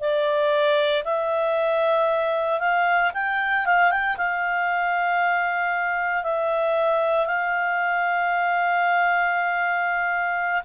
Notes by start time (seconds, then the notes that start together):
0.00 D5
1.05 E5
2.60 F5
3.14 G5
3.66 F5
3.91 G5
4.18 F5
6.24 E5
7.26 F5